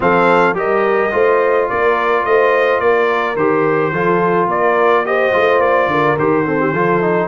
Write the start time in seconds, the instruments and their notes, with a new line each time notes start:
0.00 tuba F3, trombone C4, horn A4, trumpet F5
0.53 tuba G3, trombone G4, horn A#4, trumpet D#5
1.11 tuba A3, trombone F4, horn C5
1.69 tuba A#3, horn A#4, trumpet D5
2.25 tuba A3, horn C5, trumpet D#5
2.80 tuba A#3, horn A#4, trumpet D5
3.36 tuba D#3, trombone G4, trumpet C5
3.92 tuba F3, trombone F4, horn A4
4.47 tuba A#3, horn A#4, trumpet D5
5.05 trombone G4, horn C5, trumpet D#5
5.32 tuba A3, trombone F4
5.59 tuba A#3, trumpet D5
5.87 tuba D3, horn A#4
6.18 tuba D#3, trombone G4, trumpet C5
6.46 trombone C4, horn A4
6.60 horn G4
6.72 tuba F3, trombone F4, horn A4
7.01 trombone D#4